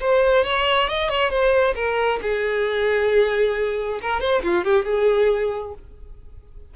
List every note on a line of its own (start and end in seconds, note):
0.00 0.44 C5
0.44 0.88 C#5
0.89 1.09 D#5
1.09 1.30 C#5
1.30 1.74 C5
1.75 2.20 A#4
2.22 4.00 G#4
4.01 4.20 A#4
4.20 4.42 C5
4.43 4.64 F4
4.64 4.85 G4
4.85 5.74 G#4